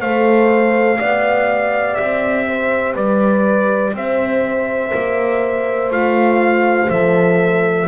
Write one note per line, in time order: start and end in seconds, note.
0.00 1.00 A3
0.00 1.00 A4
0.00 0.99 C5
0.00 1.95 F5
0.99 1.99 B3
0.99 5.91 G4
0.99 2.47 D5
1.95 2.96 C4
1.95 2.93 E5
2.47 2.95 C5
2.95 3.94 G3
2.95 3.93 B4
2.95 3.95 D5
3.94 4.92 C4
3.94 7.88 C5
3.94 5.92 E5
4.94 5.91 A#3
5.91 6.89 A3
5.91 6.90 F4
5.91 6.90 F5
6.90 7.88 F3
6.90 7.88 A4
6.90 7.88 E5